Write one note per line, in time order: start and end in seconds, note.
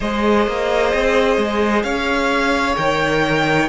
0.00 0.47 G#3
0.00 2.77 G#4
0.00 1.84 C5
0.00 1.83 D#5
0.47 0.93 A#3
0.93 1.37 C4
1.37 1.83 G#3
1.83 2.76 C#4
1.83 3.69 C#5
1.83 2.75 F5
2.76 3.69 D#3
2.76 3.69 A#4
2.76 3.69 G5